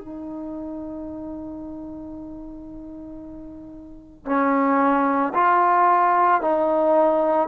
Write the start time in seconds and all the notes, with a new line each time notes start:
0.00 D#4
4.26 C#4
5.34 F4
6.42 D#4